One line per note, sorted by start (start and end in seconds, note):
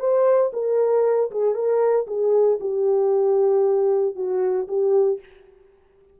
0.00 0.52 C5
0.53 1.31 A#4
1.31 1.54 G#4
1.54 2.06 A#4
2.07 2.59 G#4
2.60 4.15 G4
4.16 4.67 F#4
4.68 5.20 G4